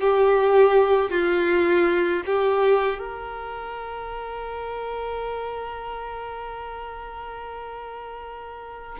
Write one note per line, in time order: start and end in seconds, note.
0.00 1.10 G4
1.10 2.23 F4
2.26 2.98 G4
2.98 8.98 A#4